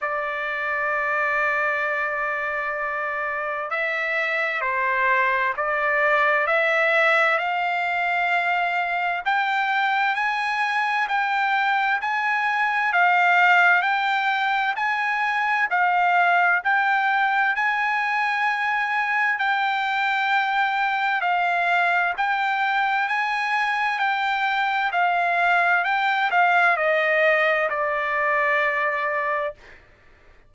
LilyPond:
\new Staff \with { instrumentName = "trumpet" } { \time 4/4 \tempo 4 = 65 d''1 | e''4 c''4 d''4 e''4 | f''2 g''4 gis''4 | g''4 gis''4 f''4 g''4 |
gis''4 f''4 g''4 gis''4~ | gis''4 g''2 f''4 | g''4 gis''4 g''4 f''4 | g''8 f''8 dis''4 d''2 | }